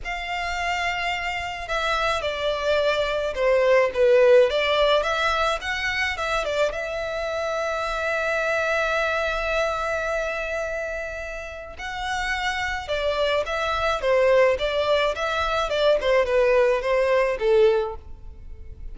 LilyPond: \new Staff \with { instrumentName = "violin" } { \time 4/4 \tempo 4 = 107 f''2. e''4 | d''2 c''4 b'4 | d''4 e''4 fis''4 e''8 d''8 | e''1~ |
e''1~ | e''4 fis''2 d''4 | e''4 c''4 d''4 e''4 | d''8 c''8 b'4 c''4 a'4 | }